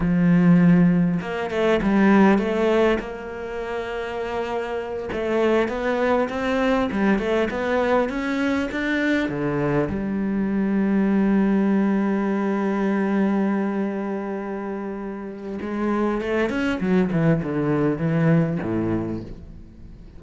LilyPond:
\new Staff \with { instrumentName = "cello" } { \time 4/4 \tempo 4 = 100 f2 ais8 a8 g4 | a4 ais2.~ | ais8 a4 b4 c'4 g8 | a8 b4 cis'4 d'4 d8~ |
d8 g2.~ g8~ | g1~ | g2 gis4 a8 cis'8 | fis8 e8 d4 e4 a,4 | }